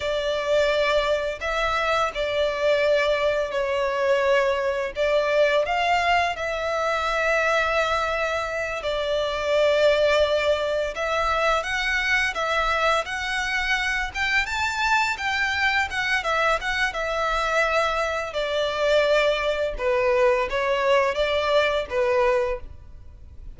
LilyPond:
\new Staff \with { instrumentName = "violin" } { \time 4/4 \tempo 4 = 85 d''2 e''4 d''4~ | d''4 cis''2 d''4 | f''4 e''2.~ | e''8 d''2. e''8~ |
e''8 fis''4 e''4 fis''4. | g''8 a''4 g''4 fis''8 e''8 fis''8 | e''2 d''2 | b'4 cis''4 d''4 b'4 | }